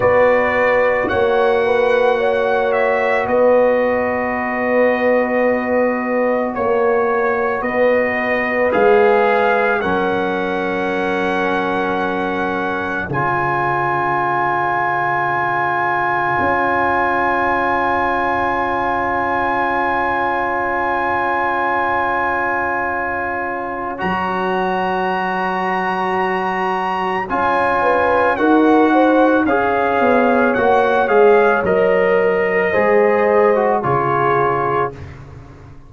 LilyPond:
<<
  \new Staff \with { instrumentName = "trumpet" } { \time 4/4 \tempo 4 = 55 d''4 fis''4. e''8 dis''4~ | dis''2 cis''4 dis''4 | f''4 fis''2. | gis''1~ |
gis''1~ | gis''2 ais''2~ | ais''4 gis''4 fis''4 f''4 | fis''8 f''8 dis''2 cis''4 | }
  \new Staff \with { instrumentName = "horn" } { \time 4/4 b'4 cis''8 b'8 cis''4 b'4~ | b'2 cis''4 b'4~ | b'4 ais'2. | cis''1~ |
cis''1~ | cis''1~ | cis''4. b'8 ais'8 c''8 cis''4~ | cis''2 c''4 gis'4 | }
  \new Staff \with { instrumentName = "trombone" } { \time 4/4 fis'1~ | fis'1 | gis'4 cis'2. | f'1~ |
f'1~ | f'2 fis'2~ | fis'4 f'4 fis'4 gis'4 | fis'8 gis'8 ais'4 gis'8. fis'16 f'4 | }
  \new Staff \with { instrumentName = "tuba" } { \time 4/4 b4 ais2 b4~ | b2 ais4 b4 | gis4 fis2. | cis2. cis'4~ |
cis'1~ | cis'2 fis2~ | fis4 cis'4 dis'4 cis'8 b8 | ais8 gis8 fis4 gis4 cis4 | }
>>